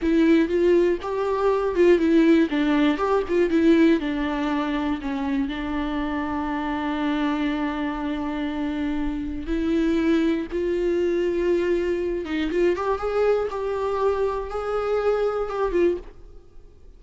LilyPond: \new Staff \with { instrumentName = "viola" } { \time 4/4 \tempo 4 = 120 e'4 f'4 g'4. f'8 | e'4 d'4 g'8 f'8 e'4 | d'2 cis'4 d'4~ | d'1~ |
d'2. e'4~ | e'4 f'2.~ | f'8 dis'8 f'8 g'8 gis'4 g'4~ | g'4 gis'2 g'8 f'8 | }